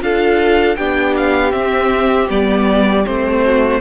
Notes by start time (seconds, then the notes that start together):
0.00 D4 F4 A4 F5
0.75 B3 D4 G4 G5
1.16 F5
1.51 C4 E5
2.28 G3 B3 D5
3.04 A3 C4 C5
3.44 F#4